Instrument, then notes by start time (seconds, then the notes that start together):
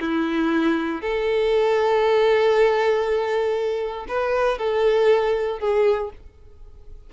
violin
0.00 E4
1.01 A4
4.08 B4
4.58 A4
5.59 G#4